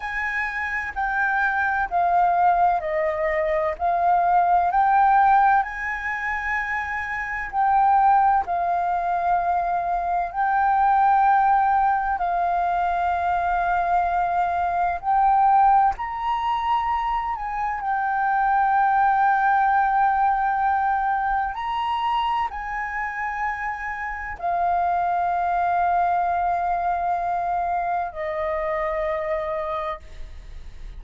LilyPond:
\new Staff \with { instrumentName = "flute" } { \time 4/4 \tempo 4 = 64 gis''4 g''4 f''4 dis''4 | f''4 g''4 gis''2 | g''4 f''2 g''4~ | g''4 f''2. |
g''4 ais''4. gis''8 g''4~ | g''2. ais''4 | gis''2 f''2~ | f''2 dis''2 | }